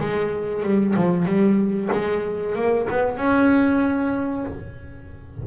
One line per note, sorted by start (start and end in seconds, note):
0.00 0.63 G#3
0.63 0.95 G3
0.96 1.25 F3
1.25 1.89 G3
1.92 2.56 G#3
2.56 2.88 A#3
2.90 3.17 B3
3.17 4.44 C#4